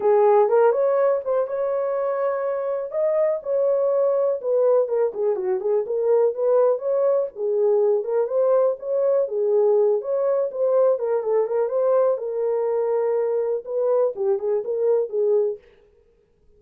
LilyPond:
\new Staff \with { instrumentName = "horn" } { \time 4/4 \tempo 4 = 123 gis'4 ais'8 cis''4 c''8 cis''4~ | cis''2 dis''4 cis''4~ | cis''4 b'4 ais'8 gis'8 fis'8 gis'8 | ais'4 b'4 cis''4 gis'4~ |
gis'8 ais'8 c''4 cis''4 gis'4~ | gis'8 cis''4 c''4 ais'8 a'8 ais'8 | c''4 ais'2. | b'4 g'8 gis'8 ais'4 gis'4 | }